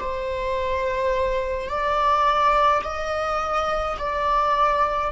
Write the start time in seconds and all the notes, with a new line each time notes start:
0.00 C5
1.69 D5
2.84 D#5
3.98 D5